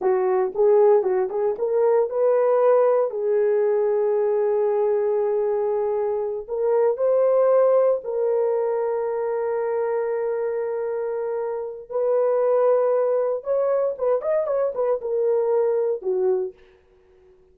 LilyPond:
\new Staff \with { instrumentName = "horn" } { \time 4/4 \tempo 4 = 116 fis'4 gis'4 fis'8 gis'8 ais'4 | b'2 gis'2~ | gis'1~ | gis'8 ais'4 c''2 ais'8~ |
ais'1~ | ais'2. b'4~ | b'2 cis''4 b'8 dis''8 | cis''8 b'8 ais'2 fis'4 | }